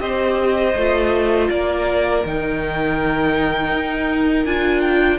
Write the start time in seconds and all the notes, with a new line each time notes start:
0.00 C4 G4 C5 D#5
0.76 A3 F4
1.50 A#3 A#4 D5
2.25 D#3 D#4 G5
3.72 D#4
4.45 D4 F4 G#5
4.82 G5